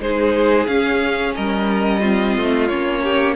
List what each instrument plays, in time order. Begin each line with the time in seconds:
0.00 cello G#3, viola D#4, violin G#4 C5
0.66 viola C#4, cello C#4, violin F5
1.35 cello G3, violin A#4 D#5
2.00 viola C4, violin F4
2.37 cello A3
2.68 cello A#3, viola C#4, violin C#5
3.03 violin G4